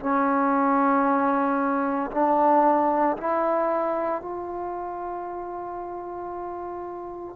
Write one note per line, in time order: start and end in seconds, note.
0.00 2.11 C#4
2.11 3.16 D4
3.17 4.21 E4
4.21 7.35 F4